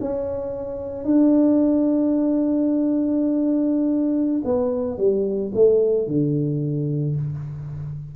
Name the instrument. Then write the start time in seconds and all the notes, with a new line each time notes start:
tuba
0.00 C#4
1.04 D4
4.44 B3
4.98 G3
5.54 A3
6.07 D3